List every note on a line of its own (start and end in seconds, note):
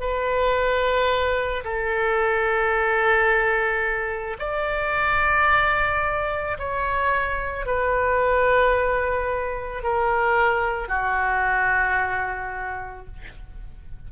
0.00 1.64 B4
1.64 4.37 A4
4.39 6.57 D5
6.59 7.66 C#5
7.66 9.83 B4
9.83 10.88 A#4
10.88 13.06 F#4